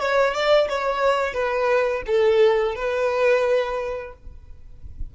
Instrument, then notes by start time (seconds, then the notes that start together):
violin
0.00 C#5
0.34 D5
0.69 C#5
1.34 B4
2.07 A4
2.76 B4